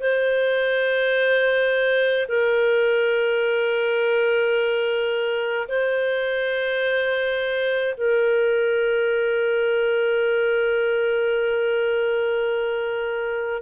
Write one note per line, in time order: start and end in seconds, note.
0.00 2.26 C5
2.28 5.68 A#4
5.68 7.95 C5
7.97 13.62 A#4